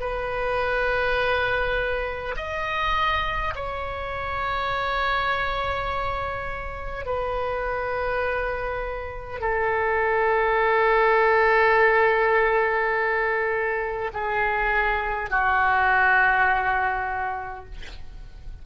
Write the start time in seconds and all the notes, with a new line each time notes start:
0.00 B4
2.36 D#5
3.55 C#5
7.06 B4
9.41 A4
14.13 G#4
15.30 F#4